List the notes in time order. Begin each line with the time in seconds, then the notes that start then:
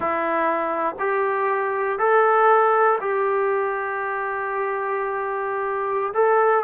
0.00 E4
0.99 G4
1.98 A4
3.00 G4
6.14 A4